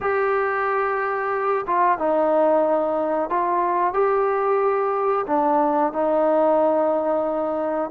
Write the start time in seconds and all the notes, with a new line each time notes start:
0.01 G4
1.66 F4
1.98 D#4
3.29 F4
3.93 G4
5.27 D4
5.93 D#4